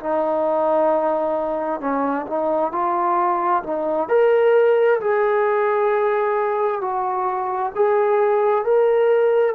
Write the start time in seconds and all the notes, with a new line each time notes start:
0.00 D#4
1.81 C#4
2.27 D#4
2.72 F4
3.64 D#4
4.10 A#4
5.01 G#4
6.82 F#4
7.76 G#4
8.65 A#4